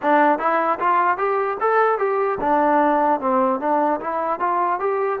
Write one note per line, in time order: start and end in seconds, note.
0.01 0.39 D4
0.39 0.79 E4
0.79 1.17 F4
1.17 1.57 G4
1.60 1.98 A4
1.98 2.38 G4
2.40 3.20 D4
3.20 3.60 C4
3.60 4.00 D4
4.00 4.39 E4
4.39 4.79 F4
4.79 5.19 G4